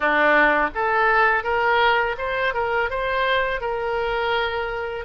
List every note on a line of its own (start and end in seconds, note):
0.00 0.70 D4
0.74 1.43 A4
1.43 2.16 A#4
2.18 2.54 C5
2.54 2.89 A#4
2.89 3.60 C5
3.60 5.05 A#4